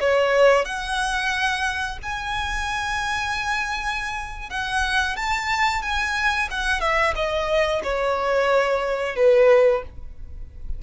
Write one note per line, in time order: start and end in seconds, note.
0.00 0.65 C#5
0.65 1.98 F#5
2.03 4.50 G#5
4.50 5.16 F#5
5.16 5.82 A5
5.82 6.49 G#5
6.51 6.81 F#5
6.81 7.14 E5
7.15 7.82 D#5
7.83 9.16 C#5
9.16 9.82 B4